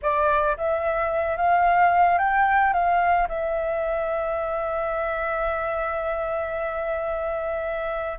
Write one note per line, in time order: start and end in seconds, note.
0.02 0.56 D5
0.57 1.36 E5
1.36 2.18 F5
2.18 2.73 G5
2.73 3.27 F5
3.28 8.18 E5